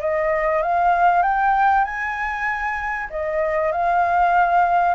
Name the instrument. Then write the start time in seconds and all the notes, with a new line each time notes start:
flute
0.00 D#5
0.62 F5
1.22 G5
1.84 G#5
3.10 D#5
3.72 F5